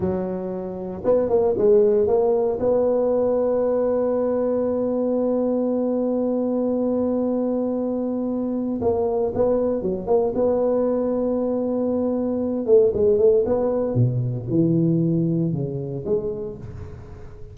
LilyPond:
\new Staff \with { instrumentName = "tuba" } { \time 4/4 \tempo 4 = 116 fis2 b8 ais8 gis4 | ais4 b2.~ | b1~ | b1~ |
b4 ais4 b4 fis8 ais8 | b1~ | b8 a8 gis8 a8 b4 b,4 | e2 cis4 gis4 | }